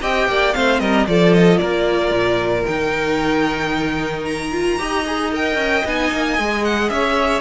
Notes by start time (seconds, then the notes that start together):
0.00 C4 G4 D#5 G5
0.27 A#3 D5
0.53 A3 C4 C5 F5
0.79 G3 A#4 D#5
1.07 F3 F4 A4 D5
1.33 D#5
1.58 A#3 A#4 D5
2.11 A#2
2.66 D#3 D#4 G5
4.24 A#5
4.52 F4
4.78 D#4 G4 D#5
5.06 G#4
5.32 A#4 G5
5.55 C#4
5.84 B3 D#4 G#5
6.12 A#3
6.38 G#3 G#4
6.64 F#5
6.89 C#4 C#5 E5